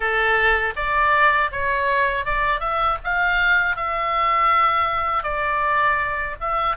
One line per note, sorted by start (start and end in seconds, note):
0.00 0.74 A4
0.75 1.50 D5
1.51 2.25 C#5
2.25 2.60 D5
2.60 2.97 E5
3.03 3.76 F5
3.76 5.23 E5
5.23 6.35 D5
6.40 6.76 E5